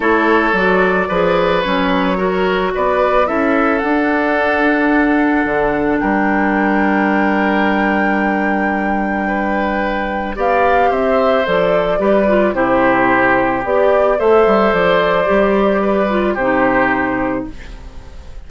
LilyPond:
<<
  \new Staff \with { instrumentName = "flute" } { \time 4/4 \tempo 4 = 110 cis''4 d''2 cis''4~ | cis''4 d''4 e''4 fis''4~ | fis''2. g''4~ | g''1~ |
g''2. f''4 | e''4 d''2 c''4~ | c''4 d''4 e''4 d''4~ | d''2 c''2 | }
  \new Staff \with { instrumentName = "oboe" } { \time 4/4 a'2 b'2 | ais'4 b'4 a'2~ | a'2. ais'4~ | ais'1~ |
ais'4 b'2 d''4 | c''2 b'4 g'4~ | g'2 c''2~ | c''4 b'4 g'2 | }
  \new Staff \with { instrumentName = "clarinet" } { \time 4/4 e'4 fis'4 gis'4 cis'4 | fis'2 e'4 d'4~ | d'1~ | d'1~ |
d'2. g'4~ | g'4 a'4 g'8 f'8 e'4~ | e'4 g'4 a'2 | g'4. f'8 dis'2 | }
  \new Staff \with { instrumentName = "bassoon" } { \time 4/4 a4 fis4 f4 fis4~ | fis4 b4 cis'4 d'4~ | d'2 d4 g4~ | g1~ |
g2. b4 | c'4 f4 g4 c4~ | c4 b4 a8 g8 f4 | g2 c2 | }
>>